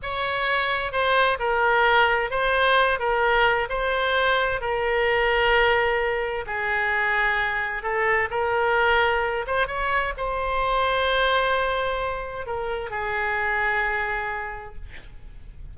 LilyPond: \new Staff \with { instrumentName = "oboe" } { \time 4/4 \tempo 4 = 130 cis''2 c''4 ais'4~ | ais'4 c''4. ais'4. | c''2 ais'2~ | ais'2 gis'2~ |
gis'4 a'4 ais'2~ | ais'8 c''8 cis''4 c''2~ | c''2. ais'4 | gis'1 | }